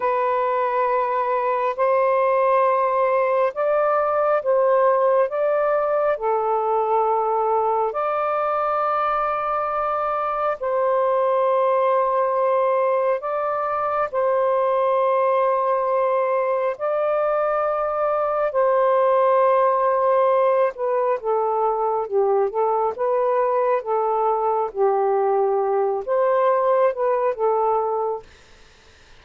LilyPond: \new Staff \with { instrumentName = "saxophone" } { \time 4/4 \tempo 4 = 68 b'2 c''2 | d''4 c''4 d''4 a'4~ | a'4 d''2. | c''2. d''4 |
c''2. d''4~ | d''4 c''2~ c''8 b'8 | a'4 g'8 a'8 b'4 a'4 | g'4. c''4 b'8 a'4 | }